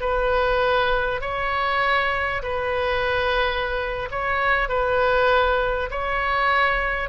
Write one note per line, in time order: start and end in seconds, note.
0.00 1.21 B4
1.21 2.42 C#5
2.42 4.09 B4
4.11 4.68 C#5
4.68 5.90 B4
5.90 7.09 C#5